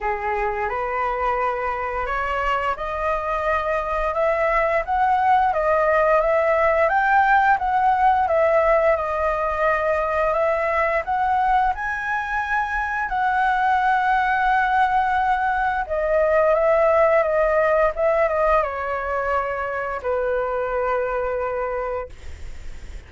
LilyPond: \new Staff \with { instrumentName = "flute" } { \time 4/4 \tempo 4 = 87 gis'4 b'2 cis''4 | dis''2 e''4 fis''4 | dis''4 e''4 g''4 fis''4 | e''4 dis''2 e''4 |
fis''4 gis''2 fis''4~ | fis''2. dis''4 | e''4 dis''4 e''8 dis''8 cis''4~ | cis''4 b'2. | }